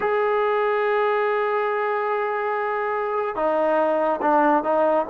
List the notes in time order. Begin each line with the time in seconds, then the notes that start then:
0.00 G#4
3.35 D#4
4.21 D4
4.63 D#4